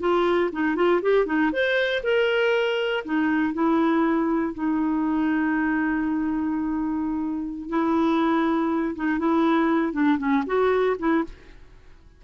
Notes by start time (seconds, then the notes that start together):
0.00 F4
0.52 D#4
0.76 F4
1.02 G4
1.26 D#4
1.52 C5
2.03 A#4
3.05 D#4
3.54 E4
4.54 D#4
7.69 E4
8.95 D#4
9.19 E4
9.93 D4
10.18 C#4
10.46 F#4
10.99 E4